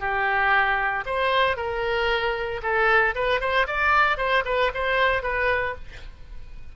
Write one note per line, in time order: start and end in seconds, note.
0.00 1.04 G4
1.06 1.57 C5
1.57 2.61 A#4
2.63 3.15 A4
3.16 3.41 B4
3.41 3.67 C5
3.67 4.18 D5
4.18 4.44 C5
4.46 4.72 B4
4.75 5.23 C5
5.23 5.75 B4